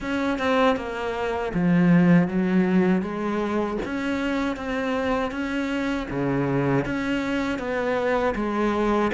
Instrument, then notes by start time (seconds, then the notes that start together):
cello
0.00 C#4
0.38 C4
0.76 A#3
1.54 F3
2.28 F#3
3.01 G#3
3.85 C#4
4.56 C4
5.31 C#4
6.10 C#3
6.85 C#4
7.58 B3
8.35 G#3